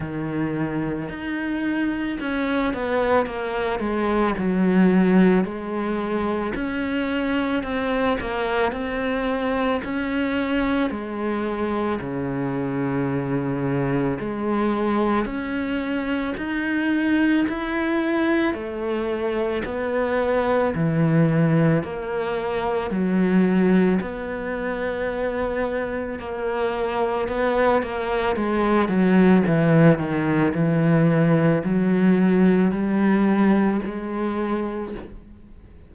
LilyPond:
\new Staff \with { instrumentName = "cello" } { \time 4/4 \tempo 4 = 55 dis4 dis'4 cis'8 b8 ais8 gis8 | fis4 gis4 cis'4 c'8 ais8 | c'4 cis'4 gis4 cis4~ | cis4 gis4 cis'4 dis'4 |
e'4 a4 b4 e4 | ais4 fis4 b2 | ais4 b8 ais8 gis8 fis8 e8 dis8 | e4 fis4 g4 gis4 | }